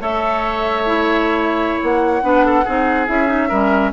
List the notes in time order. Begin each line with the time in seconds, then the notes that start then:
0.00 A3 A4 C#5 E5
0.86 E4
1.82 A#3 F#5
2.22 B3 D4 B4
2.46 A4
2.65 C4 D#4 G#4
3.07 C#4 E4 E5
3.27 D#4
3.49 G3 C#4 A#4